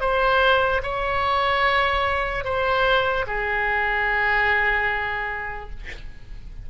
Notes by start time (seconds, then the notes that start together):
0.00 C5
0.83 C#5
2.44 C5
3.27 G#4